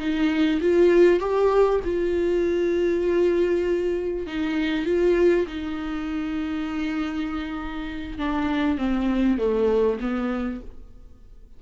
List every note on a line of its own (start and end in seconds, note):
0.00 0.61 D#4
0.61 1.20 F4
1.20 1.81 G4
1.84 4.27 F4
4.27 4.86 D#4
4.86 5.46 F4
5.47 8.19 D#4
8.19 8.78 D4
8.78 9.39 C4
9.39 9.99 A3
10.01 10.61 B3